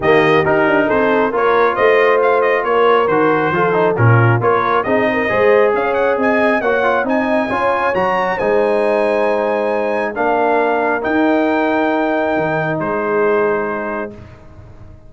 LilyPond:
<<
  \new Staff \with { instrumentName = "trumpet" } { \time 4/4 \tempo 4 = 136 dis''4 ais'4 c''4 cis''4 | dis''4 f''8 dis''8 cis''4 c''4~ | c''4 ais'4 cis''4 dis''4~ | dis''4 f''8 fis''8 gis''4 fis''4 |
gis''2 ais''4 gis''4~ | gis''2. f''4~ | f''4 g''2.~ | g''4 c''2. | }
  \new Staff \with { instrumentName = "horn" } { \time 4/4 g'2 a'4 ais'4 | c''2 ais'2 | a'4 f'4 ais'4 gis'8 ais'8 | c''4 cis''4 dis''4 cis''4 |
dis''4 cis''2 c''4~ | c''2. ais'4~ | ais'1~ | ais'4 gis'2. | }
  \new Staff \with { instrumentName = "trombone" } { \time 4/4 ais4 dis'2 f'4~ | f'2. fis'4 | f'8 dis'8 cis'4 f'4 dis'4 | gis'2. fis'8 f'8 |
dis'4 f'4 fis'4 dis'4~ | dis'2. d'4~ | d'4 dis'2.~ | dis'1 | }
  \new Staff \with { instrumentName = "tuba" } { \time 4/4 dis4 dis'8 d'8 c'4 ais4 | a2 ais4 dis4 | f4 ais,4 ais4 c'4 | gis4 cis'4 c'4 ais4 |
c'4 cis'4 fis4 gis4~ | gis2. ais4~ | ais4 dis'2. | dis4 gis2. | }
>>